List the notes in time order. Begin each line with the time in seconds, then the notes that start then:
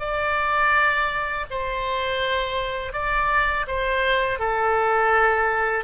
0.00 D5
1.51 C5
2.93 D5
3.68 C5
4.39 A4